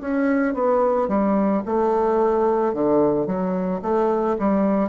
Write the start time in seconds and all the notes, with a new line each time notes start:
0.00 C#4
0.54 B3
1.08 G3
1.66 A3
2.74 D3
3.26 F#3
3.82 A3
4.39 G3